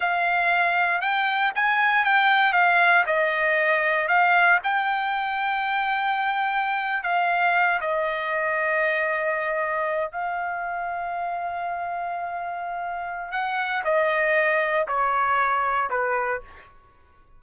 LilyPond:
\new Staff \with { instrumentName = "trumpet" } { \time 4/4 \tempo 4 = 117 f''2 g''4 gis''4 | g''4 f''4 dis''2 | f''4 g''2.~ | g''4.~ g''16 f''4. dis''8.~ |
dis''2.~ dis''8. f''16~ | f''1~ | f''2 fis''4 dis''4~ | dis''4 cis''2 b'4 | }